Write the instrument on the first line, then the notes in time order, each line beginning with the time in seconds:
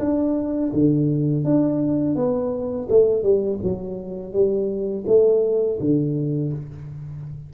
tuba
0.00 D4
0.73 D3
1.45 D4
2.16 B3
2.90 A3
3.23 G3
3.63 F#3
4.33 G3
5.07 A3
5.81 D3